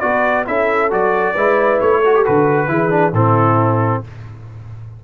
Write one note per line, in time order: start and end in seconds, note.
0.00 0.47 B3
0.00 0.46 F#4
0.00 0.46 B4
0.00 0.44 D5
0.46 0.92 C#4
0.46 0.90 E4
0.46 1.34 A4
0.46 0.91 E5
0.90 1.36 F#3
0.90 1.35 F#4
0.90 1.80 D5
1.34 1.80 G#3
1.34 2.04 E4
1.34 2.00 B4
1.80 2.26 A3
1.80 2.25 C#5
2.00 2.15 F#4
2.00 2.67 A4
2.15 2.25 G4
2.25 2.68 D3
2.25 2.68 F#4
2.25 3.14 B4
2.68 3.13 E3
2.68 2.90 E4
2.68 3.14 G#4
2.90 3.12 D4
3.13 4.02 A2
3.13 4.04 C4
3.13 4.03 E4
3.13 4.03 A4